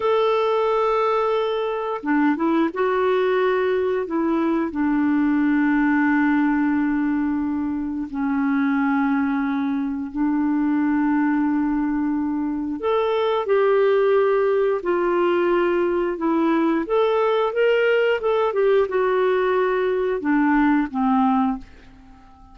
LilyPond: \new Staff \with { instrumentName = "clarinet" } { \time 4/4 \tempo 4 = 89 a'2. d'8 e'8 | fis'2 e'4 d'4~ | d'1 | cis'2. d'4~ |
d'2. a'4 | g'2 f'2 | e'4 a'4 ais'4 a'8 g'8 | fis'2 d'4 c'4 | }